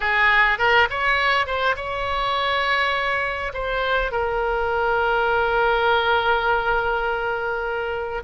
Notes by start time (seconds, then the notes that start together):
0.00 G#4
0.58 A#4
0.90 C#5
1.46 C5
1.75 C#5
3.53 C5
4.11 A#4